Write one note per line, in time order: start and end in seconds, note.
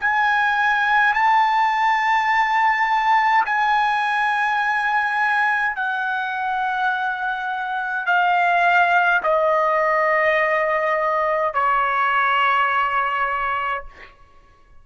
0.00 1.14 G#5
1.14 3.45 A5
3.45 5.76 G#5
5.76 8.06 F#5
8.06 9.22 F5
9.23 11.53 D#5
11.53 13.84 C#5